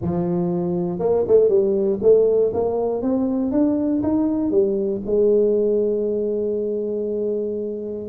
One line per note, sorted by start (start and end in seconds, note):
0.01 0.99 F3
0.99 1.24 A#3
1.27 1.49 A3
1.49 1.99 G3
2.02 2.52 A3
2.53 3.02 A#3
3.02 3.51 C4
3.51 4.02 D4
4.02 4.50 D#4
4.50 5.01 G3
5.06 8.08 G#3